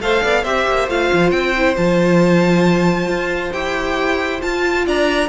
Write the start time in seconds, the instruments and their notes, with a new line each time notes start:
0.00 cello A3, viola A4, violin C5 F5
0.23 cello B3, violin D5
0.42 cello C4, viola G4, violin C5 E5
0.68 cello A#3
0.88 cello A3, viola F4, violin F5
1.13 cello F3
1.31 cello C4, violin G5
1.57 viola E4
1.76 cello F3, viola F4, violin A5
3.09 cello F4
3.52 cello E4, viola G4, violin G5
4.40 viola F4, cello F4, violin A5
4.87 cello D4, violin D5 A#5